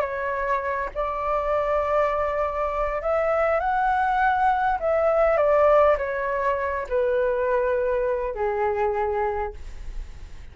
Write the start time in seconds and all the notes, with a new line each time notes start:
0.00 C#5
0.94 D5
3.02 E5
3.59 F#5
4.80 E5
5.37 D5
5.97 C#5
6.89 B4
8.34 G#4